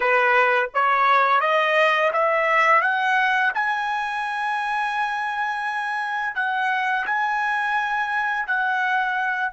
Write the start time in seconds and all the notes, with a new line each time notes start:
0.00 B4
0.73 C#5
1.40 D#5
2.12 E5
2.81 F#5
3.54 G#5
6.35 F#5
7.06 G#5
8.46 F#5